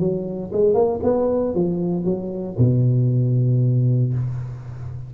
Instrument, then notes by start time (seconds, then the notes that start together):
tuba
0.00 F#3
0.53 G#3
0.75 A#3
1.04 B3
1.55 F3
2.05 F#3
2.59 B2